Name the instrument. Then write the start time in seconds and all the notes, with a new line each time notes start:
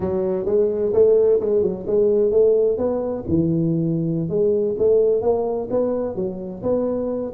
tuba
0.00 F#3
0.45 G#3
0.93 A3
1.40 G#3
1.62 F#3
1.86 G#3
2.31 A3
2.77 B3
3.27 E3
4.29 G#3
4.78 A3
5.21 A#3
5.70 B3
6.15 F#3
6.63 B3